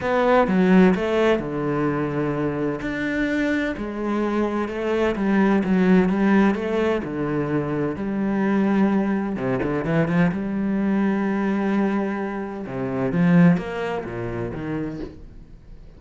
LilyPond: \new Staff \with { instrumentName = "cello" } { \time 4/4 \tempo 4 = 128 b4 fis4 a4 d4~ | d2 d'2 | gis2 a4 g4 | fis4 g4 a4 d4~ |
d4 g2. | c8 d8 e8 f8 g2~ | g2. c4 | f4 ais4 ais,4 dis4 | }